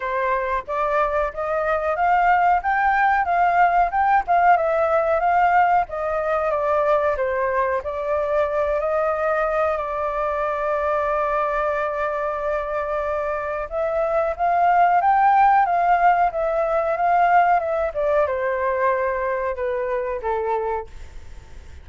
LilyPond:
\new Staff \with { instrumentName = "flute" } { \time 4/4 \tempo 4 = 92 c''4 d''4 dis''4 f''4 | g''4 f''4 g''8 f''8 e''4 | f''4 dis''4 d''4 c''4 | d''4. dis''4. d''4~ |
d''1~ | d''4 e''4 f''4 g''4 | f''4 e''4 f''4 e''8 d''8 | c''2 b'4 a'4 | }